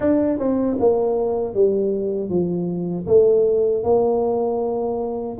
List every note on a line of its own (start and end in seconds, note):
0.00 0.38 D4
0.38 0.77 C4
0.79 1.54 A#3
1.54 2.29 G3
2.29 3.06 F3
3.06 3.83 A3
3.83 5.37 A#3